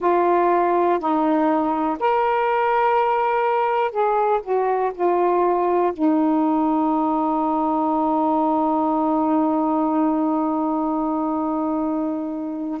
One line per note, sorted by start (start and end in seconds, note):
0.00 0.99 F4
0.99 1.97 D#4
1.99 3.91 A#4
3.91 4.40 G#4
4.43 4.92 F#4
4.94 5.92 F4
5.93 12.80 D#4